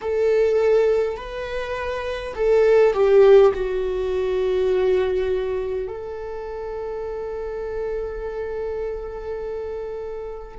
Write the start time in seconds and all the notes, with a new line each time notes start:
0.01 A4
1.17 B4
2.35 A4
2.93 G4
3.53 F#4
5.87 A4